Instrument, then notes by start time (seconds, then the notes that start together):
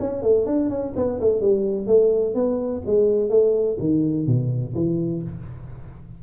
tuba
0.00 C#4
0.23 A3
0.47 D4
0.70 C#4
0.97 B3
1.21 A3
1.41 G3
1.87 A3
2.35 B3
2.86 G#3
3.30 A3
3.80 D#3
4.27 B2
4.75 E3